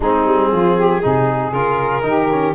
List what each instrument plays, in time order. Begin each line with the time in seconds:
0.00 tuba G#3, trombone C4, saxophone D#4, violin G#4
0.25 tuba G3
0.52 tuba F3, saxophone F4
0.76 saxophone G4
1.02 tuba C3, trombone D#4, saxophone G#4
1.51 tuba C#3, trombone F4, violin A#4
2.02 tuba D#3, trombone D#4, saxophone G4
2.31 trombone C#4